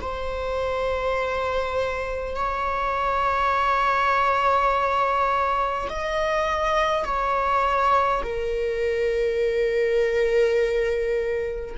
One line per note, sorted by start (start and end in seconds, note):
0.00 2.35 C5
2.35 5.88 C#5
5.89 7.04 D#5
7.04 8.22 C#5
8.22 11.75 A#4